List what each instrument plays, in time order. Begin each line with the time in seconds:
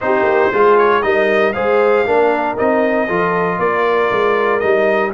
0.00 tuba C4, trombone D#4, horn G4, trumpet C5
0.22 tuba A#3
0.52 tuba G#3, trombone F4, horn G#4
0.77 trumpet C#5
1.02 tuba G3, trombone D#4, horn A#4, trumpet D#5
1.53 tuba G#3, trombone G#4, horn C5, trumpet F5
2.05 tuba A#3, trombone D4, horn A#4
2.57 tuba C4, trombone D#4, trumpet D#5
3.06 tuba F3, trombone F4, horn A4
3.58 tuba A#3, horn A#4, trumpet D5
4.11 tuba G#3
4.59 tuba G3, trombone D#4, trumpet D#5